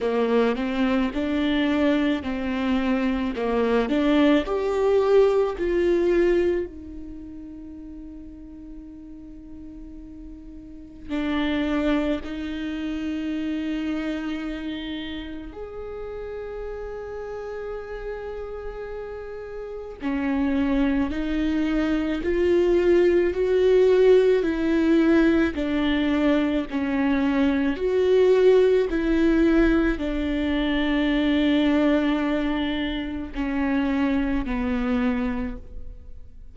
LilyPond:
\new Staff \with { instrumentName = "viola" } { \time 4/4 \tempo 4 = 54 ais8 c'8 d'4 c'4 ais8 d'8 | g'4 f'4 dis'2~ | dis'2 d'4 dis'4~ | dis'2 gis'2~ |
gis'2 cis'4 dis'4 | f'4 fis'4 e'4 d'4 | cis'4 fis'4 e'4 d'4~ | d'2 cis'4 b4 | }